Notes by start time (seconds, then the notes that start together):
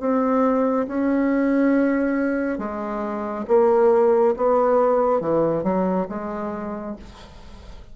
0.00 C4
0.88 C#4
2.58 G#3
3.48 A#3
4.37 B3
5.21 E3
5.64 F#3
6.09 G#3